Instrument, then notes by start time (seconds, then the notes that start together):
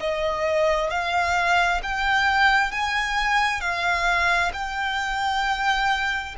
violin
0.00 D#5
0.90 F5
1.83 G5
2.71 G#5
3.61 F5
4.53 G5